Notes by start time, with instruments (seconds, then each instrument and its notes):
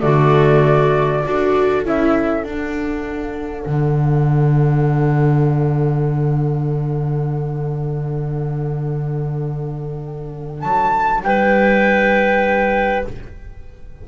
0.00 double bass D3, viola A3, clarinet F#4, flute D5
1.23 double bass D4, viola F#4, clarinet A4
1.84 double bass C#4, viola E4, flute E5
2.43 double bass D4, viola D4, flute F#5
3.66 double bass D3
10.61 double bass F#3, flute A5
11.23 double bass G3, clarinet B4, flute G5